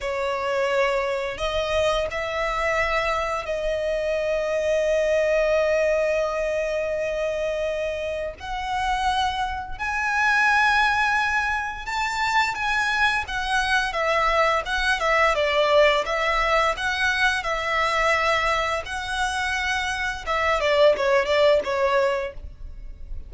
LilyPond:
\new Staff \with { instrumentName = "violin" } { \time 4/4 \tempo 4 = 86 cis''2 dis''4 e''4~ | e''4 dis''2.~ | dis''1 | fis''2 gis''2~ |
gis''4 a''4 gis''4 fis''4 | e''4 fis''8 e''8 d''4 e''4 | fis''4 e''2 fis''4~ | fis''4 e''8 d''8 cis''8 d''8 cis''4 | }